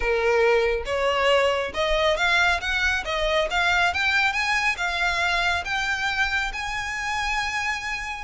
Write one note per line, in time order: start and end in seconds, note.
0.00 0.83 A#4
0.85 1.72 C#5
1.74 2.16 D#5
2.16 2.60 F5
2.60 3.04 F#5
3.05 3.48 D#5
3.50 3.93 F5
3.93 4.32 G5
4.32 4.76 G#5
4.77 5.64 F5
5.64 6.51 G5
6.52 8.24 G#5